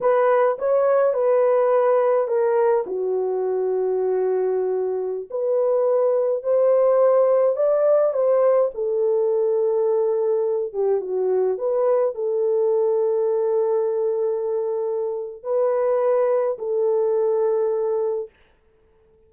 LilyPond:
\new Staff \with { instrumentName = "horn" } { \time 4/4 \tempo 4 = 105 b'4 cis''4 b'2 | ais'4 fis'2.~ | fis'4~ fis'16 b'2 c''8.~ | c''4~ c''16 d''4 c''4 a'8.~ |
a'2~ a'8. g'8 fis'8.~ | fis'16 b'4 a'2~ a'8.~ | a'2. b'4~ | b'4 a'2. | }